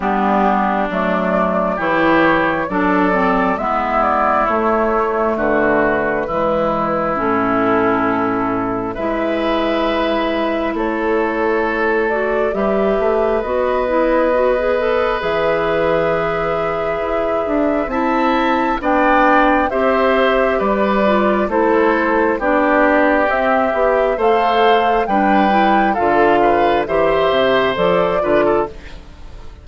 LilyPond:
<<
  \new Staff \with { instrumentName = "flute" } { \time 4/4 \tempo 4 = 67 g'4 d''4 cis''4 d''4 | e''8 d''8 cis''4 b'2 | a'2 e''2 | cis''4. d''8 e''4 dis''4~ |
dis''4 e''2. | a''4 g''4 e''4 d''4 | c''4 d''4 e''4 f''4 | g''4 f''4 e''4 d''4 | }
  \new Staff \with { instrumentName = "oboe" } { \time 4/4 d'2 g'4 a'4 | e'2 fis'4 e'4~ | e'2 b'2 | a'2 b'2~ |
b'1 | e''4 d''4 c''4 b'4 | a'4 g'2 c''4 | b'4 a'8 b'8 c''4. b'16 a'16 | }
  \new Staff \with { instrumentName = "clarinet" } { \time 4/4 b4 a4 e'4 d'8 c'8 | b4 a2 gis4 | cis'2 e'2~ | e'4. fis'8 g'4 fis'8 e'8 |
fis'16 gis'16 a'8 gis'2. | e'4 d'4 g'4. f'8 | e'4 d'4 c'8 g'8 a'4 | d'8 e'8 f'4 g'4 a'8 f'8 | }
  \new Staff \with { instrumentName = "bassoon" } { \time 4/4 g4 fis4 e4 fis4 | gis4 a4 d4 e4 | a,2 gis2 | a2 g8 a8 b4~ |
b4 e2 e'8 d'8 | c'4 b4 c'4 g4 | a4 b4 c'8 b8 a4 | g4 d4 e8 c8 f8 d8 | }
>>